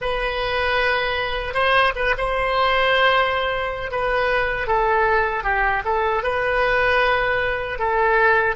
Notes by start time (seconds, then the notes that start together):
0.01 B4
1.53 C5
1.95 B4
2.17 C5
3.91 B4
4.67 A4
5.43 G4
5.84 A4
6.23 B4
7.78 A4